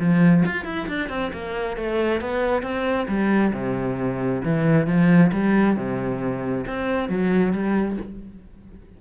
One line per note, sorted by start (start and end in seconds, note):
0.00 0.44 F3
0.46 0.65 F4
0.65 0.87 E4
0.88 1.10 D4
1.10 1.32 C4
1.33 1.77 A#3
1.77 2.21 A3
2.21 2.63 B3
2.63 3.07 C4
3.08 3.53 G3
3.53 4.42 C3
4.45 4.87 E3
4.87 5.32 F3
5.33 5.77 G3
5.77 6.66 C3
6.67 7.09 C4
7.09 7.53 F#3
7.53 7.98 G3